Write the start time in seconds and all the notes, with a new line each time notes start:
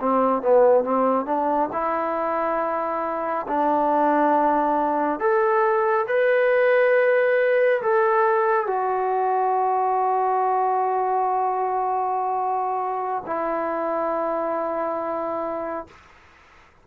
0.00 C4
0.42 B3
0.84 C4
1.26 D4
1.73 E4
3.48 D4
5.20 A4
6.08 B4
7.83 A4
8.67 F#4
13.26 E4